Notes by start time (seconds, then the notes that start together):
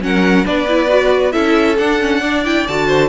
0.00 F#3 C#4 A#4 F#5
0.44 B3 D4 B4 D5
0.68 E4
0.88 F#4
1.32 C#4 E4 A4 E5
1.77 D4 F#5
2.00 C#4
2.20 D4 D5
2.44 E4 G5
2.67 D3 F#4 A5
2.86 C5